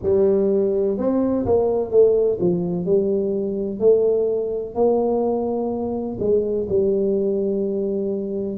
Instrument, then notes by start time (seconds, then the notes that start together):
tuba
0.02 G3
0.97 C4
1.45 A#3
1.90 A3
2.40 F3
2.85 G3
3.79 A3
4.74 A#3
6.19 G#3
6.69 G3